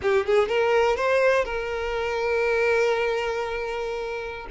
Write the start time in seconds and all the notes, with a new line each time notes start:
0.02 G4
0.26 G#4
0.48 A#4
0.96 C5
1.45 A#4